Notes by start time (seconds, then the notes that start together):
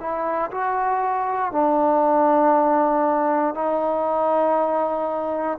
0.00 E4
0.51 F#4
1.52 D4
3.55 D#4